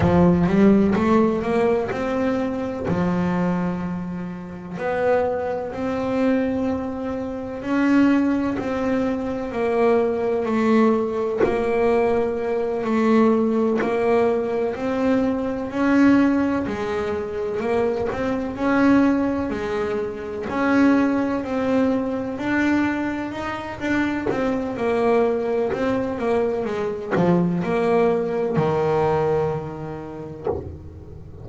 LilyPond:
\new Staff \with { instrumentName = "double bass" } { \time 4/4 \tempo 4 = 63 f8 g8 a8 ais8 c'4 f4~ | f4 b4 c'2 | cis'4 c'4 ais4 a4 | ais4. a4 ais4 c'8~ |
c'8 cis'4 gis4 ais8 c'8 cis'8~ | cis'8 gis4 cis'4 c'4 d'8~ | d'8 dis'8 d'8 c'8 ais4 c'8 ais8 | gis8 f8 ais4 dis2 | }